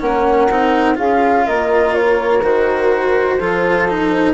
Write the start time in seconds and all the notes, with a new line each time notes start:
0.00 A#3 C#4 A#4 F#5
0.50 C4 D#4
0.95 C#4 F4 G#4 F5
1.47 A#3 A#4 D#5
1.95 C#5
2.43 D#3 F#4 C5
3.37 F3 F4 A4
3.89 D#4